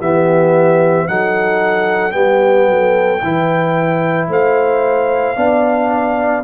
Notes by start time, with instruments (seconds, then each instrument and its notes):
0.00 tuba E3, trombone B3, horn G4, trumpet E5
1.08 tuba F#3, trombone D#4, horn A4, trumpet F#5
2.11 tuba G3, trombone B3, horn G4, trumpet G5
2.68 tuba F#3, horn A4
3.23 tuba E3, trombone E4, horn B4
4.29 tuba A3, horn C5, trumpet F5
5.36 tuba B3, trombone D4, horn D5